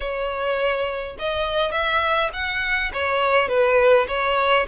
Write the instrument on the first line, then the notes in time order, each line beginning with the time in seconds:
violin
0.00 C#5
1.18 D#5
1.71 E5
2.33 F#5
2.93 C#5
3.48 B4
4.08 C#5